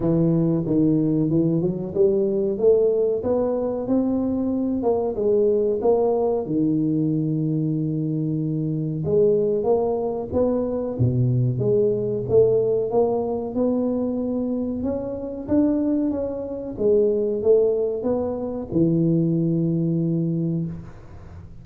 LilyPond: \new Staff \with { instrumentName = "tuba" } { \time 4/4 \tempo 4 = 93 e4 dis4 e8 fis8 g4 | a4 b4 c'4. ais8 | gis4 ais4 dis2~ | dis2 gis4 ais4 |
b4 b,4 gis4 a4 | ais4 b2 cis'4 | d'4 cis'4 gis4 a4 | b4 e2. | }